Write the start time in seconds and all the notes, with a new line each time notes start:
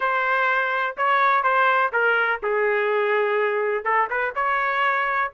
0.00 C5
0.97 C#5
1.43 C5
1.92 A#4
2.42 G#4
3.84 A4
4.10 B4
4.35 C#5